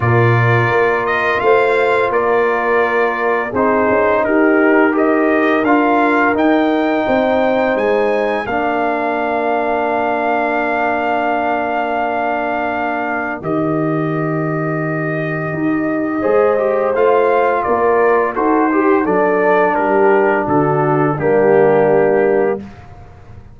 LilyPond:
<<
  \new Staff \with { instrumentName = "trumpet" } { \time 4/4 \tempo 4 = 85 d''4. dis''8 f''4 d''4~ | d''4 c''4 ais'4 dis''4 | f''4 g''2 gis''4 | f''1~ |
f''2. dis''4~ | dis''1 | f''4 d''4 c''4 d''4 | ais'4 a'4 g'2 | }
  \new Staff \with { instrumentName = "horn" } { \time 4/4 ais'2 c''4 ais'4~ | ais'4 gis'4 g'4 ais'4~ | ais'2 c''2 | ais'1~ |
ais'1~ | ais'2. c''4~ | c''4 ais'4 a'8 g'8 a'4 | g'4 fis'4 d'2 | }
  \new Staff \with { instrumentName = "trombone" } { \time 4/4 f'1~ | f'4 dis'2 g'4 | f'4 dis'2. | d'1~ |
d'2. g'4~ | g'2. gis'8 g'8 | f'2 fis'8 g'8 d'4~ | d'2 ais2 | }
  \new Staff \with { instrumentName = "tuba" } { \time 4/4 ais,4 ais4 a4 ais4~ | ais4 c'8 cis'8 dis'2 | d'4 dis'4 c'4 gis4 | ais1~ |
ais2. dis4~ | dis2 dis'4 gis4 | a4 ais4 dis'4 fis4 | g4 d4 g2 | }
>>